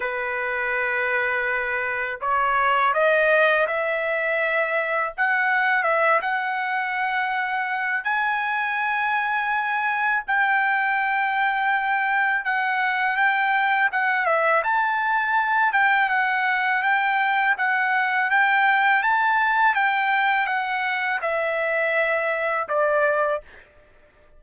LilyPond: \new Staff \with { instrumentName = "trumpet" } { \time 4/4 \tempo 4 = 82 b'2. cis''4 | dis''4 e''2 fis''4 | e''8 fis''2~ fis''8 gis''4~ | gis''2 g''2~ |
g''4 fis''4 g''4 fis''8 e''8 | a''4. g''8 fis''4 g''4 | fis''4 g''4 a''4 g''4 | fis''4 e''2 d''4 | }